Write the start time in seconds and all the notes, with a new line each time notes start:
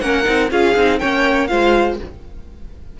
0.00 A#3 C#4 A#4 F#5
0.24 C4 D#4
0.50 C#4 F4 G#4 F5
0.76 C4 D#4
0.99 A#3 C#4 C#5 G5
1.47 G#3 F4 C5 F5